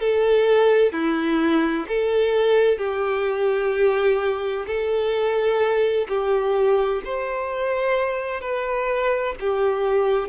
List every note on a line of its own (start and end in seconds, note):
0.00 0.92 A4
0.92 1.86 E4
1.88 2.78 A4
2.78 4.65 G4
4.67 6.07 A4
6.09 7.02 G4
7.04 8.41 C5
8.41 9.35 B4
9.40 10.29 G4